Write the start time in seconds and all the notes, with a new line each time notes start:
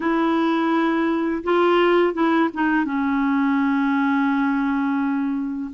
0.00 E4
1.43 F4
2.13 E4
2.53 D#4
2.84 C#4